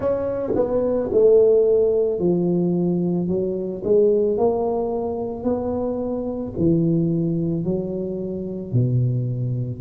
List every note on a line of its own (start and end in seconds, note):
0.00 0.53 C#4
0.55 1.10 B3
1.12 2.19 A3
2.19 3.28 F3
3.28 3.82 F#3
3.84 4.37 G#3
4.37 5.43 A#3
5.43 6.52 B3
6.57 7.64 E3
7.64 8.72 F#3
8.72 9.81 B2